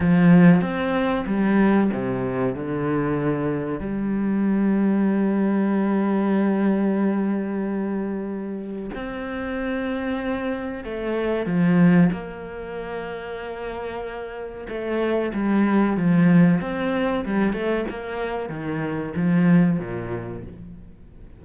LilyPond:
\new Staff \with { instrumentName = "cello" } { \time 4/4 \tempo 4 = 94 f4 c'4 g4 c4 | d2 g2~ | g1~ | g2 c'2~ |
c'4 a4 f4 ais4~ | ais2. a4 | g4 f4 c'4 g8 a8 | ais4 dis4 f4 ais,4 | }